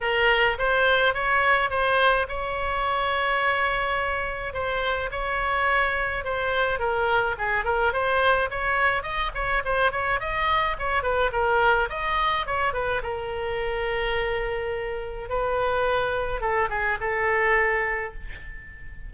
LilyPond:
\new Staff \with { instrumentName = "oboe" } { \time 4/4 \tempo 4 = 106 ais'4 c''4 cis''4 c''4 | cis''1 | c''4 cis''2 c''4 | ais'4 gis'8 ais'8 c''4 cis''4 |
dis''8 cis''8 c''8 cis''8 dis''4 cis''8 b'8 | ais'4 dis''4 cis''8 b'8 ais'4~ | ais'2. b'4~ | b'4 a'8 gis'8 a'2 | }